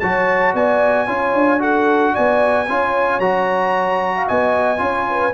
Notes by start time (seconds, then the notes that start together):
0.00 F#3 F#4 C#5 A5
0.54 B3 D5 G#5
1.06 C#4 F4 C#5
1.34 D4
1.59 F#4 A4 F#5
2.13 B3 D5 G#5
2.69 C#4 F4 C#5
3.19 F#3 F#4 A#5
4.16 F5
4.28 B3 D#5 G#5
4.78 C#4 F4 C#5
5.10 B4